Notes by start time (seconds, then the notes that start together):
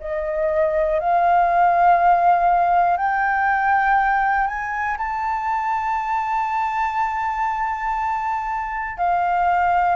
0.00 D#5
1.00 F5
2.97 G5
4.47 G#5
4.97 A5
8.97 F5